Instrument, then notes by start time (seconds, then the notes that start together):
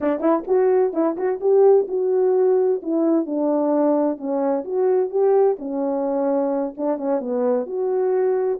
horn
0.00 D4
0.20 E4
0.47 F#4
0.93 E4
1.16 F#4
1.40 G4
1.88 F#4
2.82 E4
3.26 D4
4.17 C#4
4.64 F#4
5.10 G4
5.58 C#4
6.77 D4
6.97 C#4
7.20 B3
7.66 F#4